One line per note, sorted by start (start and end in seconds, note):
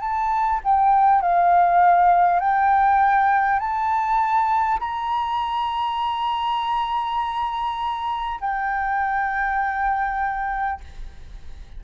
0.00 0.60 A5
0.63 1.21 G5
1.21 2.39 F5
2.39 3.59 G5
3.59 4.79 A5
4.79 8.39 A#5
8.40 10.80 G5